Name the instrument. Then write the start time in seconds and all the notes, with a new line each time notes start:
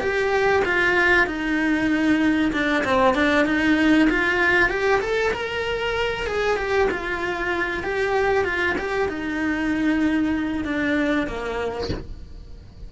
cello
0.00 G4
0.65 F4
1.27 D#4
2.53 D4
2.84 C4
3.14 D4
3.46 D#4
4.10 F4
4.69 G4
5.01 A4
5.33 A#4
6.26 G#4
6.57 G4
6.91 F4
7.83 G4
8.45 F4
8.78 G4
9.08 D#4
10.64 D4
11.27 A#3